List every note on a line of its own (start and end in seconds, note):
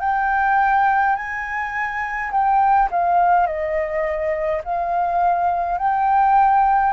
0.00 1.15 G5
1.15 2.31 G#5
2.31 2.89 G5
2.91 3.46 F5
3.46 4.62 D#5
4.64 5.77 F5
5.77 6.93 G5